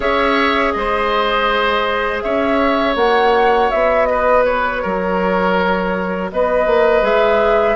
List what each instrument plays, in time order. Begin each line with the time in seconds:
0.00 bassoon C#4, clarinet G#4, oboe C#5, flute E5
0.72 bassoon G#3, oboe C5, flute D#5
2.21 bassoon C#4, oboe C#5, flute E5
2.95 bassoon A#3, clarinet F#4, flute F#5
3.70 bassoon B3, flute E5
4.06 oboe B4, flute D#5
4.44 flute C#5
4.82 bassoon F#3, oboe A#4
6.31 bassoon B3, oboe B4, flute D#5
6.66 bassoon A#3
7.01 bassoon G#3, clarinet G#4, flute E5